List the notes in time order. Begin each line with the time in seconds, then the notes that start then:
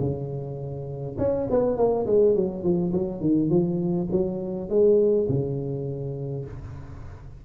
0.00 C#3
1.18 C#4
1.50 B3
1.77 A#3
2.06 G#3
2.35 F#3
2.63 F3
2.93 F#3
3.21 D#3
3.50 F3
4.11 F#3
4.70 G#3
5.29 C#3